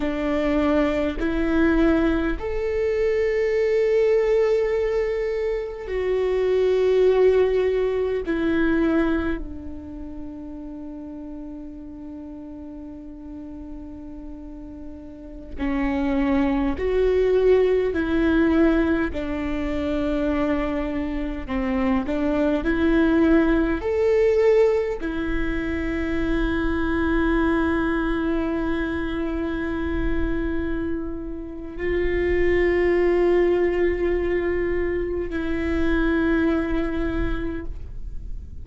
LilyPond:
\new Staff \with { instrumentName = "viola" } { \time 4/4 \tempo 4 = 51 d'4 e'4 a'2~ | a'4 fis'2 e'4 | d'1~ | d'4~ d'16 cis'4 fis'4 e'8.~ |
e'16 d'2 c'8 d'8 e'8.~ | e'16 a'4 e'2~ e'8.~ | e'2. f'4~ | f'2 e'2 | }